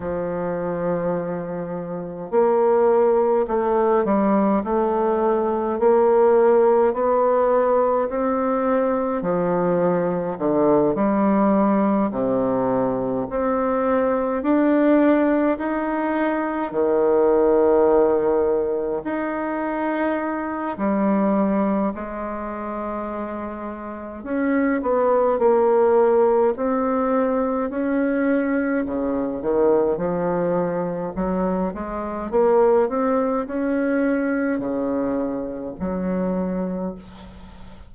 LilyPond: \new Staff \with { instrumentName = "bassoon" } { \time 4/4 \tempo 4 = 52 f2 ais4 a8 g8 | a4 ais4 b4 c'4 | f4 d8 g4 c4 c'8~ | c'8 d'4 dis'4 dis4.~ |
dis8 dis'4. g4 gis4~ | gis4 cis'8 b8 ais4 c'4 | cis'4 cis8 dis8 f4 fis8 gis8 | ais8 c'8 cis'4 cis4 fis4 | }